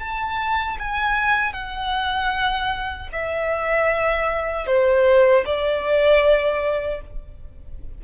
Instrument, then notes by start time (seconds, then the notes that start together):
violin
0.00 A5
0.80 G#5
1.54 F#5
3.13 E5
4.67 C5
5.45 D5